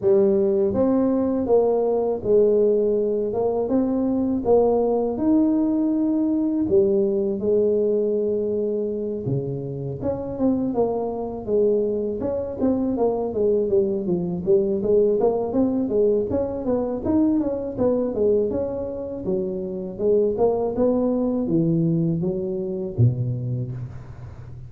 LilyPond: \new Staff \with { instrumentName = "tuba" } { \time 4/4 \tempo 4 = 81 g4 c'4 ais4 gis4~ | gis8 ais8 c'4 ais4 dis'4~ | dis'4 g4 gis2~ | gis8 cis4 cis'8 c'8 ais4 gis8~ |
gis8 cis'8 c'8 ais8 gis8 g8 f8 g8 | gis8 ais8 c'8 gis8 cis'8 b8 dis'8 cis'8 | b8 gis8 cis'4 fis4 gis8 ais8 | b4 e4 fis4 b,4 | }